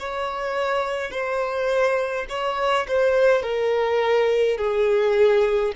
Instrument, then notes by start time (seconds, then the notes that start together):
violin
0.00 C#5
1.11 C5
2.30 C#5
2.88 C5
3.43 A#4
4.58 G#4